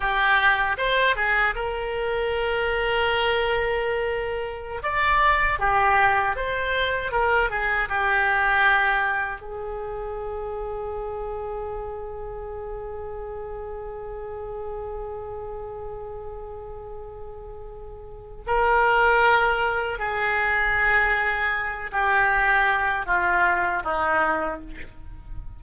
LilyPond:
\new Staff \with { instrumentName = "oboe" } { \time 4/4 \tempo 4 = 78 g'4 c''8 gis'8 ais'2~ | ais'2~ ais'16 d''4 g'8.~ | g'16 c''4 ais'8 gis'8 g'4.~ g'16~ | g'16 gis'2.~ gis'8.~ |
gis'1~ | gis'1 | ais'2 gis'2~ | gis'8 g'4. f'4 dis'4 | }